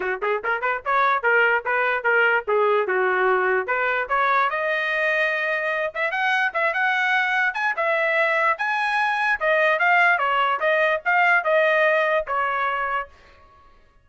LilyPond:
\new Staff \with { instrumentName = "trumpet" } { \time 4/4 \tempo 4 = 147 fis'8 gis'8 ais'8 b'8 cis''4 ais'4 | b'4 ais'4 gis'4 fis'4~ | fis'4 b'4 cis''4 dis''4~ | dis''2~ dis''8 e''8 fis''4 |
e''8 fis''2 gis''8 e''4~ | e''4 gis''2 dis''4 | f''4 cis''4 dis''4 f''4 | dis''2 cis''2 | }